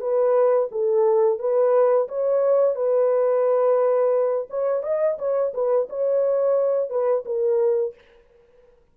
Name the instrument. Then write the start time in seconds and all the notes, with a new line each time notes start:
horn
0.00 B4
0.71 A4
1.39 B4
2.08 C#5
2.75 B4
4.49 C#5
4.83 D#5
5.18 C#5
5.53 B4
5.89 C#5
6.90 B4
7.25 A#4